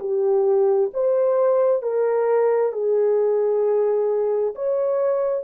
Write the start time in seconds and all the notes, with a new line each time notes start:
0.00 G4
0.94 C5
1.83 A#4
2.73 G#4
4.56 C#5